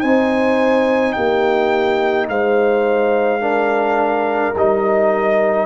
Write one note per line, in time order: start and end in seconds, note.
0.00 1.16 C4
0.00 3.40 D#4
0.00 1.14 C5
0.00 1.12 G#5
1.12 2.28 A#3
1.12 2.29 G4
1.12 2.26 G5
2.28 4.54 G#3
2.28 3.41 C5
2.28 4.55 F5
3.40 4.54 D4
3.40 5.66 A#4
4.55 5.66 G3
4.55 5.66 D#4
4.55 5.66 D#5